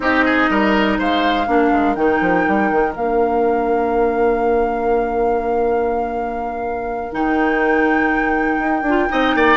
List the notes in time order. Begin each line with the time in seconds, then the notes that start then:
0.00 C4 D#4 G4 D#5
0.25 G#4
0.49 G3 A#4
0.98 G#3 C5 F5
1.47 A#3 D4 A#4
1.72 G#3
1.94 D#3 D#4 G5
2.21 F3
2.47 G3
2.71 D#3
2.94 A#3 D4 F5
7.12 D#3 D#4 G5
8.59 D#4
8.81 D4
8.88 F4
9.09 C4 D#4 D#5
9.35 A#3 D5